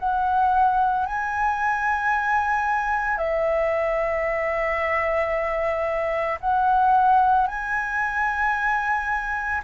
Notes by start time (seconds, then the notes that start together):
0.00 F#5
1.07 G#5
3.18 E5
6.40 F#5
7.48 G#5